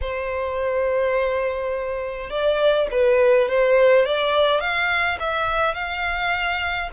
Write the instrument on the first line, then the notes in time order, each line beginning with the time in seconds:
violin
0.01 C5
2.29 D5
2.91 B4
3.49 C5
4.05 D5
4.60 F5
5.19 E5
5.74 F5